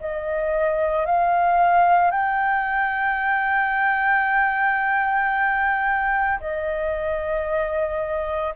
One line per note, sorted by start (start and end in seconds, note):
0.00 1.06 D#5
1.06 2.10 F5
2.10 6.39 G5
6.39 8.54 D#5